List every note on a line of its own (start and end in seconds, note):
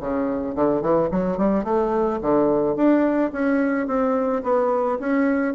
0.00 0.55 C#3
0.55 0.81 D3
0.81 1.09 E3
1.11 1.37 F#3
1.37 1.64 G3
1.64 2.19 A3
2.21 2.76 D3
2.76 3.31 D4
3.32 3.87 C#4
3.87 4.43 C4
4.43 4.98 B3
4.99 5.54 C#4